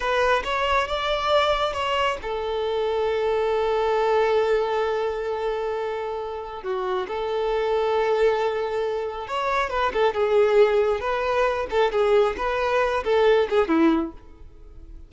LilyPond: \new Staff \with { instrumentName = "violin" } { \time 4/4 \tempo 4 = 136 b'4 cis''4 d''2 | cis''4 a'2.~ | a'1~ | a'2. fis'4 |
a'1~ | a'4 cis''4 b'8 a'8 gis'4~ | gis'4 b'4. a'8 gis'4 | b'4. a'4 gis'8 e'4 | }